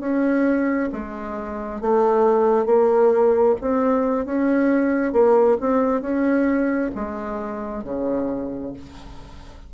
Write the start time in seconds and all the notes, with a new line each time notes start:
0.00 C#4
0.92 G#3
1.81 A3
2.66 A#3
3.61 C4
4.25 C#4
5.12 A#3
5.60 C4
6.02 C#4
6.95 G#3
7.84 C#3